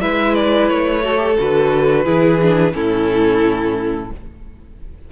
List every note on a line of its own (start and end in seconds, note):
0.00 0.69 G#3
0.00 1.03 E4
0.00 1.03 B4
0.00 0.34 E5
0.34 0.68 D5
0.68 1.38 A3
0.68 1.36 C#5
1.03 1.17 F#4
1.03 2.04 A4
1.17 1.34 G4
1.37 2.06 D3
1.37 2.04 F#4
1.37 2.74 B4
2.04 2.74 E3
2.04 2.38 E4
2.04 2.73 G#4
2.41 2.72 D4
2.72 4.10 A2
2.72 4.08 C#4
2.72 4.11 E4
2.72 4.11 A4